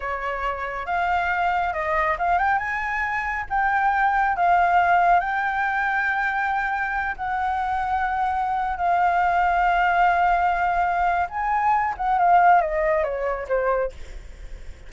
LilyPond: \new Staff \with { instrumentName = "flute" } { \time 4/4 \tempo 4 = 138 cis''2 f''2 | dis''4 f''8 g''8 gis''2 | g''2 f''2 | g''1~ |
g''8 fis''2.~ fis''8~ | fis''16 f''2.~ f''8.~ | f''2 gis''4. fis''8 | f''4 dis''4 cis''4 c''4 | }